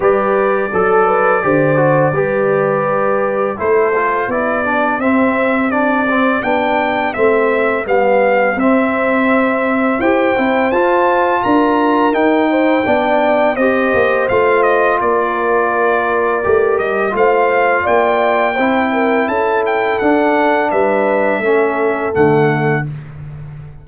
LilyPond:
<<
  \new Staff \with { instrumentName = "trumpet" } { \time 4/4 \tempo 4 = 84 d''1~ | d''4 c''4 d''4 e''4 | d''4 g''4 e''4 f''4 | e''2 g''4 a''4 |
ais''4 g''2 dis''4 | f''8 dis''8 d''2~ d''8 dis''8 | f''4 g''2 a''8 g''8 | fis''4 e''2 fis''4 | }
  \new Staff \with { instrumentName = "horn" } { \time 4/4 b'4 a'8 b'8 c''4 b'4~ | b'4 a'4 g'2~ | g'1~ | g'2 c''2 |
ais'4. c''8 d''4 c''4~ | c''4 ais'2. | c''4 d''4 c''8 ais'8 a'4~ | a'4 b'4 a'2 | }
  \new Staff \with { instrumentName = "trombone" } { \time 4/4 g'4 a'4 g'8 fis'8 g'4~ | g'4 e'8 f'8 e'8 d'8 c'4 | d'8 c'8 d'4 c'4 b4 | c'2 g'8 e'8 f'4~ |
f'4 dis'4 d'4 g'4 | f'2. g'4 | f'2 e'2 | d'2 cis'4 a4 | }
  \new Staff \with { instrumentName = "tuba" } { \time 4/4 g4 fis4 d4 g4~ | g4 a4 b4 c'4~ | c'4 b4 a4 g4 | c'2 e'8 c'8 f'4 |
d'4 dis'4 b4 c'8 ais8 | a4 ais2 a8 g8 | a4 ais4 c'4 cis'4 | d'4 g4 a4 d4 | }
>>